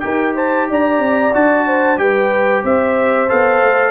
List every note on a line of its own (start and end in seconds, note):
0.00 0.70 D#4
0.00 1.32 G4
0.00 0.35 A#4
0.00 0.33 G5
0.35 0.68 C5
0.35 0.69 A5
0.70 0.99 D4
0.70 1.67 D5
0.70 1.35 A#5
0.99 1.31 C4
1.34 1.97 D4
1.34 1.97 F#4
1.34 1.98 A5
1.67 2.00 C5
1.97 2.63 G3
1.97 3.28 G4
1.97 2.64 B4
1.97 2.63 G5
2.64 3.29 C4
2.64 3.91 C5
2.64 3.30 E5
3.29 3.62 B3
3.29 3.91 A4
3.29 3.91 F5
3.62 3.91 A3